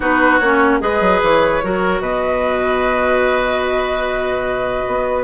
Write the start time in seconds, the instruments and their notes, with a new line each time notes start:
0.00 bassoon B3, clarinet D#4, oboe F#4, flute B4
0.38 bassoon A#3, clarinet C#4, flute C#5
0.80 bassoon G#3, clarinet G#4, oboe B4, flute D#5
1.00 bassoon F#3
1.22 bassoon E3, flute C#5
1.62 bassoon F#3, clarinet F#4, oboe A#4
1.99 bassoon B2, oboe B4, flute D#5
4.87 bassoon B3